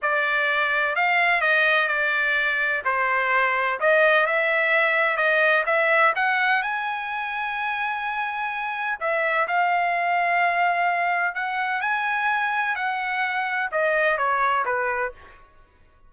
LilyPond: \new Staff \with { instrumentName = "trumpet" } { \time 4/4 \tempo 4 = 127 d''2 f''4 dis''4 | d''2 c''2 | dis''4 e''2 dis''4 | e''4 fis''4 gis''2~ |
gis''2. e''4 | f''1 | fis''4 gis''2 fis''4~ | fis''4 dis''4 cis''4 b'4 | }